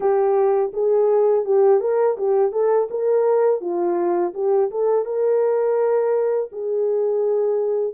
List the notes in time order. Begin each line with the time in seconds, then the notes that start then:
0.00 G4
0.73 G#4
1.45 G4
1.80 A#4
2.17 G4
2.52 A4
2.90 A#4
3.60 F4
4.34 G4
4.70 A4
5.05 A#4
6.52 G#4